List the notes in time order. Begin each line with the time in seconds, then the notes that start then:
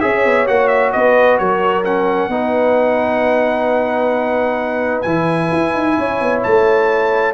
0.00 C#4 G#4 C#5 E5
0.25 B3
0.46 A#3 F#4 F#5
0.67 E5
0.92 B3 B4 D#5
1.38 F#3 A#4 C#5
1.84 C#4 F#5
2.28 B3 D#4 B4
5.01 E3 E4 G#5
5.51 E4
5.74 D#4
5.98 C#4 C#5
6.21 B3
6.43 A3 A5